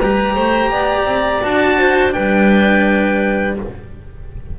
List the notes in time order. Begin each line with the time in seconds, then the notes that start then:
0.00 G3 G4 B4 A#5
0.34 A3 C5
0.70 B3 D5
1.04 C4
1.42 D4 F#4 A5
1.78 C5
2.10 G3 D4 B4 G5